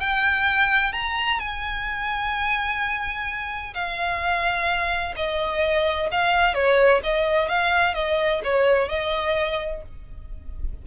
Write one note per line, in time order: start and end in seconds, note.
0.00 0.92 G5
0.92 1.39 A#5
1.39 3.74 G#5
3.74 5.14 F5
5.16 6.10 D#5
6.11 6.54 F5
6.54 7.01 C#5
7.03 7.48 D#5
7.48 7.94 F5
7.94 8.41 D#5
8.44 8.88 C#5
8.88 9.82 D#5